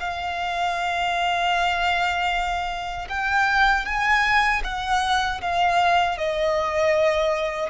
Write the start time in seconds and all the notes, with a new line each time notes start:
0.00 F5
3.09 G5
3.85 G#5
4.64 F#5
5.41 F5
6.17 D#5